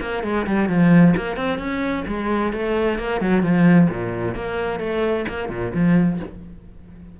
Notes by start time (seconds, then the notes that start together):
0.00 A#3
0.23 G#3
0.46 G3
0.68 F3
1.16 A#3
1.36 C4
1.58 C#4
2.07 G#3
2.53 A3
2.99 A#3
3.20 F#3
3.42 F3
3.89 A#2
4.35 A#3
4.79 A3
5.28 A#3
5.49 A#2
5.74 F3